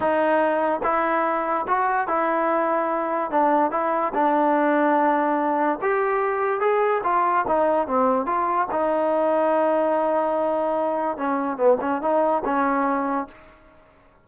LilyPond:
\new Staff \with { instrumentName = "trombone" } { \time 4/4 \tempo 4 = 145 dis'2 e'2 | fis'4 e'2. | d'4 e'4 d'2~ | d'2 g'2 |
gis'4 f'4 dis'4 c'4 | f'4 dis'2.~ | dis'2. cis'4 | b8 cis'8 dis'4 cis'2 | }